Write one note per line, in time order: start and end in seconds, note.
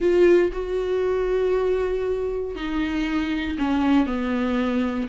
0.00 0.51 F4
0.52 2.55 F#4
2.55 3.57 D#4
3.58 4.06 C#4
4.06 5.08 B3